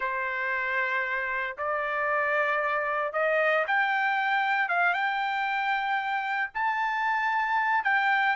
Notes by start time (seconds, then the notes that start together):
0.00 C5
1.57 D5
3.13 D#5
3.67 G5
4.69 F5
4.93 G5
6.54 A5
7.84 G5